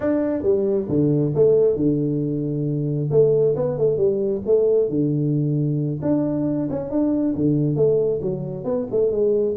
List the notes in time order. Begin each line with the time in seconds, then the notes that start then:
0.00 D4
0.42 G3
0.88 D3
1.34 A3
1.76 D3
3.11 A3
3.56 B3
3.78 A3
3.97 G3
4.45 A3
4.89 D3
6.02 D4
6.70 C#4
6.90 D4
7.35 D3
7.76 A3
8.21 F#3
8.64 B3
8.91 A3
9.11 G#3